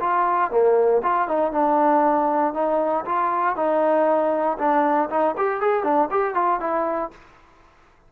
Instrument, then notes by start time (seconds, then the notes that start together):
trombone
0.00 F4
0.51 A#3
1.02 F4
1.28 D#4
1.52 D4
2.54 D#4
3.05 F4
3.56 D#4
4.58 D4
5.09 D#4
5.37 G4
5.61 G#4
5.83 D4
6.11 G4
6.34 F4
6.60 E4